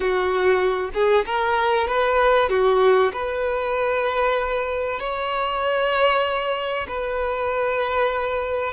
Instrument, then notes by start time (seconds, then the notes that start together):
violin
0.00 F#4
0.94 G#4
1.25 A#4
1.88 B4
2.49 F#4
3.12 B4
4.99 C#5
6.88 B4